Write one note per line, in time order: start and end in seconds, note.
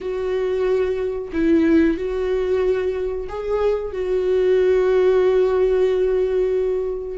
0.00 1.31 F#4
1.33 1.97 E4
1.97 3.27 F#4
3.28 3.92 G#4
3.92 7.18 F#4